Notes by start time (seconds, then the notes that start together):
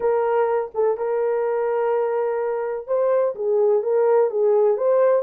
0.00 A#4
0.74 A4
0.97 A#4
2.87 C5
3.35 G#4
3.82 A#4
4.30 G#4
4.77 C5